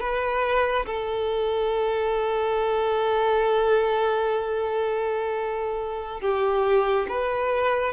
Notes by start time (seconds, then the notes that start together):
0.00 B4
0.86 A4
6.21 G4
7.09 B4